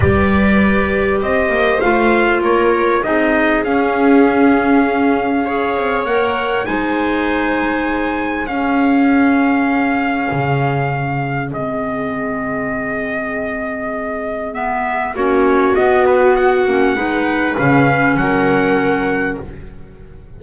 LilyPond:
<<
  \new Staff \with { instrumentName = "trumpet" } { \time 4/4 \tempo 4 = 99 d''2 dis''4 f''4 | cis''4 dis''4 f''2~ | f''2 fis''4 gis''4~ | gis''2 f''2~ |
f''2. dis''4~ | dis''1 | e''4 cis''4 dis''8 b'8 fis''4~ | fis''4 f''4 fis''2 | }
  \new Staff \with { instrumentName = "viola" } { \time 4/4 b'2 c''2 | ais'4 gis'2.~ | gis'4 cis''2 c''4~ | c''2 gis'2~ |
gis'1~ | gis'1~ | gis'4 fis'2. | b'2 ais'2 | }
  \new Staff \with { instrumentName = "clarinet" } { \time 4/4 g'2. f'4~ | f'4 dis'4 cis'2~ | cis'4 gis'4 ais'4 dis'4~ | dis'2 cis'2~ |
cis'2. c'4~ | c'1 | b4 cis'4 b4. cis'8 | dis'4 cis'2. | }
  \new Staff \with { instrumentName = "double bass" } { \time 4/4 g2 c'8 ais8 a4 | ais4 c'4 cis'2~ | cis'4. c'8 ais4 gis4~ | gis2 cis'2~ |
cis'4 cis2 gis4~ | gis1~ | gis4 ais4 b4. ais8 | gis4 cis4 fis2 | }
>>